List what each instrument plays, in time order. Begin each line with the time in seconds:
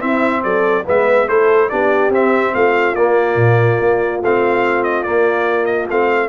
0.00 trombone C4, tuba C4, horn E4, trumpet E5
0.44 tuba F#3, horn A4, trumpet D5
0.85 tuba G#3, trombone B3, horn B4, trumpet E5
1.29 tuba A3, trombone E4, horn A4, trumpet C5
1.70 tuba B3, trombone D4, horn G4, trumpet D5
2.10 tuba C4, trombone C4, trumpet E5
2.55 tuba A3, horn F4, trumpet F5
2.95 tuba A#3, trombone A#3, trumpet D5
3.36 tuba A#2
3.80 tuba A#3
4.22 tuba A3, trombone C4, trumpet F5
4.84 trumpet D#5
5.03 tuba A#3, trombone A#3, trumpet D5
5.66 trumpet D#5
5.90 tuba A3, trombone C4, trumpet F5